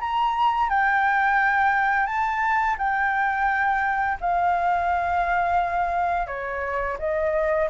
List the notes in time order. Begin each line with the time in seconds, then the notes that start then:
0.00 A#5
0.69 G5
2.06 A5
2.78 G5
4.21 F5
6.27 C#5
6.99 D#5